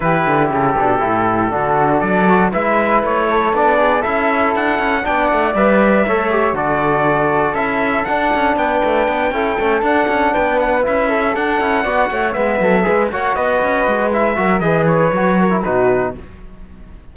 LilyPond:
<<
  \new Staff \with { instrumentName = "trumpet" } { \time 4/4 \tempo 4 = 119 b'4 a'2. | d''4 e''4 cis''4 d''4 | e''4 fis''4 g''8 fis''8 e''4~ | e''4 d''2 e''4 |
fis''4 g''2~ g''8 fis''8~ | fis''8 g''8 fis''8 e''4 fis''4.~ | fis''8 e''4. fis''8 dis''4. | e''4 dis''8 cis''4. b'4 | }
  \new Staff \with { instrumentName = "flute" } { \time 4/4 g'2. fis'4 | a'4 b'4. a'4 gis'8 | a'2 d''2 | cis''4 a'2.~ |
a'4 b'4. a'4.~ | a'8 b'4. a'4. d''8 | cis''8 b'8 a'8 b'8 cis''8 b'4.~ | b'8 ais'8 b'4. ais'8 fis'4 | }
  \new Staff \with { instrumentName = "trombone" } { \time 4/4 e'4. d'8 e'4 d'4~ | d'8 fis'8 e'2 d'4 | e'2 d'4 b'4 | a'8 g'8 fis'2 e'4 |
d'2~ d'8 e'8 cis'8 d'8~ | d'4. e'4 d'8 e'8 fis'8~ | fis'8 b4 gis'8 fis'2 | e'8 fis'8 gis'4 fis'8. e'16 dis'4 | }
  \new Staff \with { instrumentName = "cello" } { \time 4/4 e8 d8 cis8 b,8 a,4 d4 | fis4 gis4 a4 b4 | cis'4 d'8 cis'8 b8 a8 g4 | a4 d2 cis'4 |
d'8 cis'8 b8 a8 b8 cis'8 a8 d'8 | cis'8 b4 cis'4 d'8 cis'8 b8 | a8 gis8 fis8 gis8 ais8 b8 cis'8 gis8~ | gis8 fis8 e4 fis4 b,4 | }
>>